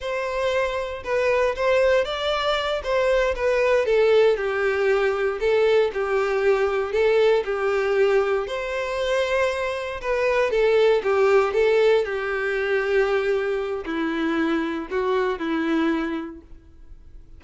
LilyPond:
\new Staff \with { instrumentName = "violin" } { \time 4/4 \tempo 4 = 117 c''2 b'4 c''4 | d''4. c''4 b'4 a'8~ | a'8 g'2 a'4 g'8~ | g'4. a'4 g'4.~ |
g'8 c''2. b'8~ | b'8 a'4 g'4 a'4 g'8~ | g'2. e'4~ | e'4 fis'4 e'2 | }